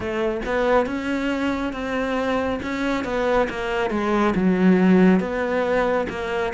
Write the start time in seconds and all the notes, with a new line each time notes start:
0.00 A3
0.45 B3
0.86 C#4
1.72 C4
2.62 C#4
3.04 B3
3.49 A#3
3.90 G#3
4.35 F#3
5.20 B3
6.09 A#3